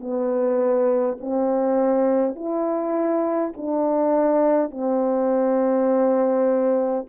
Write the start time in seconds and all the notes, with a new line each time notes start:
0.00 B3
1.20 C4
2.35 E4
3.57 D4
4.71 C4